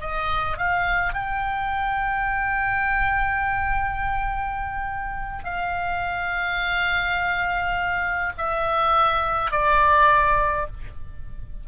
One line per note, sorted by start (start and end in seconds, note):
0.00 0.57 D#5
0.57 1.13 F5
1.13 5.44 G5
5.44 8.32 F5
8.37 9.51 E5
9.51 10.66 D5